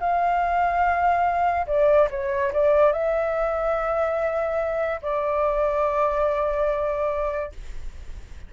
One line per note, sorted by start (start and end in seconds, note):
0.00 1.67 F5
1.67 2.08 D5
2.10 2.52 C#5
2.53 2.93 D5
2.93 5.01 E5
5.02 7.52 D5